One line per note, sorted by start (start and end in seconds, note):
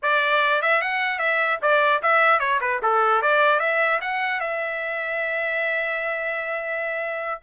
0.02 0.61 D5
0.61 0.81 E5
0.81 1.18 F#5
1.18 1.58 E5
1.61 2.01 D5
2.02 2.39 E5
2.39 2.59 C#5
2.60 2.80 B4
2.82 3.22 A4
3.22 3.59 D5
3.59 3.99 E5
4.01 4.40 F#5
4.40 7.40 E5